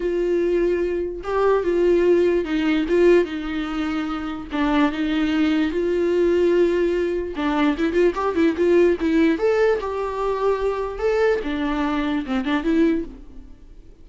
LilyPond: \new Staff \with { instrumentName = "viola" } { \time 4/4 \tempo 4 = 147 f'2. g'4 | f'2 dis'4 f'4 | dis'2. d'4 | dis'2 f'2~ |
f'2 d'4 e'8 f'8 | g'8 e'8 f'4 e'4 a'4 | g'2. a'4 | d'2 c'8 d'8 e'4 | }